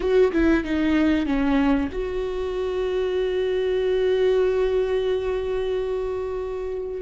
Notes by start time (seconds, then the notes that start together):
0.00 F#4
0.32 E4
0.64 D#4
1.26 C#4
1.92 F#4